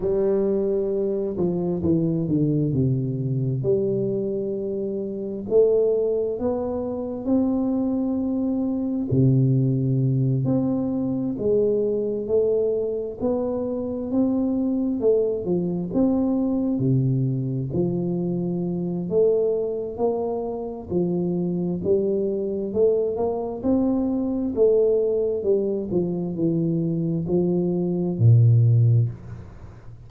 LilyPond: \new Staff \with { instrumentName = "tuba" } { \time 4/4 \tempo 4 = 66 g4. f8 e8 d8 c4 | g2 a4 b4 | c'2 c4. c'8~ | c'8 gis4 a4 b4 c'8~ |
c'8 a8 f8 c'4 c4 f8~ | f4 a4 ais4 f4 | g4 a8 ais8 c'4 a4 | g8 f8 e4 f4 ais,4 | }